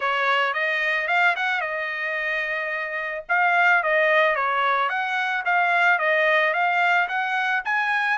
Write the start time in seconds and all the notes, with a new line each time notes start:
0.00 C#5
0.53 D#5
1.07 F5
1.35 F#5
1.60 D#5
3.28 F5
3.83 D#5
4.35 C#5
4.89 F#5
5.45 F5
5.99 D#5
6.53 F5
7.08 F#5
7.64 G#5